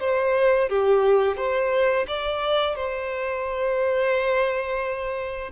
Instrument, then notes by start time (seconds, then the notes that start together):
violin
0.00 C5
0.69 G4
1.37 C5
2.08 D5
2.75 C5